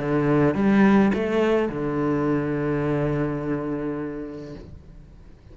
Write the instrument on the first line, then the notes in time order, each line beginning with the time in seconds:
cello
0.00 D3
0.55 G3
1.14 A3
1.69 D3